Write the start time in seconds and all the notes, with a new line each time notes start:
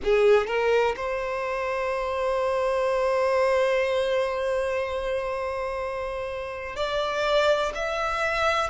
0.03 G#4
0.46 A#4
0.96 C5
6.75 D5
7.74 E5